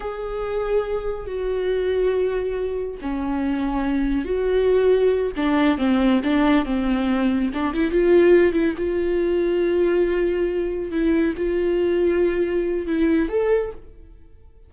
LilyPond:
\new Staff \with { instrumentName = "viola" } { \time 4/4 \tempo 4 = 140 gis'2. fis'4~ | fis'2. cis'4~ | cis'2 fis'2~ | fis'8 d'4 c'4 d'4 c'8~ |
c'4. d'8 e'8 f'4. | e'8 f'2.~ f'8~ | f'4. e'4 f'4.~ | f'2 e'4 a'4 | }